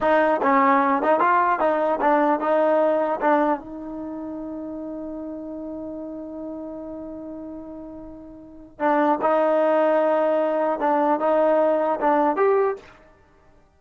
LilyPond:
\new Staff \with { instrumentName = "trombone" } { \time 4/4 \tempo 4 = 150 dis'4 cis'4. dis'8 f'4 | dis'4 d'4 dis'2 | d'4 dis'2.~ | dis'1~ |
dis'1~ | dis'2 d'4 dis'4~ | dis'2. d'4 | dis'2 d'4 g'4 | }